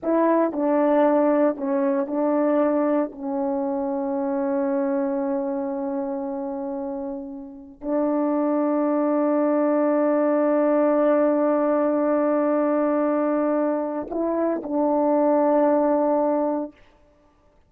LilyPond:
\new Staff \with { instrumentName = "horn" } { \time 4/4 \tempo 4 = 115 e'4 d'2 cis'4 | d'2 cis'2~ | cis'1~ | cis'2. d'4~ |
d'1~ | d'1~ | d'2. e'4 | d'1 | }